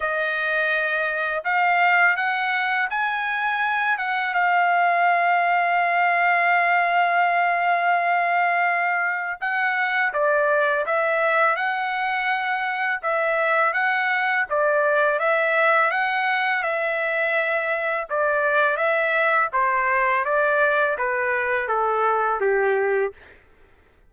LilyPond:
\new Staff \with { instrumentName = "trumpet" } { \time 4/4 \tempo 4 = 83 dis''2 f''4 fis''4 | gis''4. fis''8 f''2~ | f''1~ | f''4 fis''4 d''4 e''4 |
fis''2 e''4 fis''4 | d''4 e''4 fis''4 e''4~ | e''4 d''4 e''4 c''4 | d''4 b'4 a'4 g'4 | }